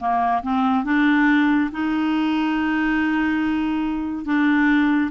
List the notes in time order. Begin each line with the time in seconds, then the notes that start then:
0.00 A#3
0.43 C4
0.85 D4
1.72 D#4
4.25 D4